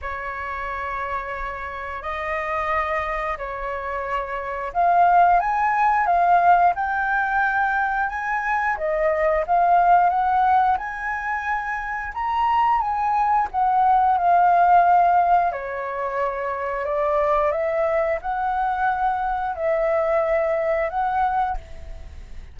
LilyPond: \new Staff \with { instrumentName = "flute" } { \time 4/4 \tempo 4 = 89 cis''2. dis''4~ | dis''4 cis''2 f''4 | gis''4 f''4 g''2 | gis''4 dis''4 f''4 fis''4 |
gis''2 ais''4 gis''4 | fis''4 f''2 cis''4~ | cis''4 d''4 e''4 fis''4~ | fis''4 e''2 fis''4 | }